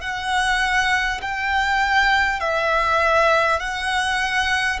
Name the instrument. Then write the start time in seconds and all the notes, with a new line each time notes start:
violin
0.00 F#5
1.21 G5
2.39 E5
3.59 F#5